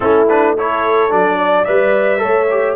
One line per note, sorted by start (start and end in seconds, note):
0.00 1.11 A3
0.00 0.27 C#4
0.00 0.56 E4
0.00 0.27 A4
0.29 0.57 D4
0.29 0.56 B4
0.57 1.09 E4
0.57 1.38 A4
0.57 1.12 C#5
1.09 1.67 F#3
1.09 1.65 D4
1.09 1.64 D5
1.38 2.21 D5
1.64 2.24 G3
1.64 2.18 B4
1.64 2.75 E5
2.18 2.45 A4
2.18 2.76 C#5
2.24 2.76 A3
2.50 2.76 G4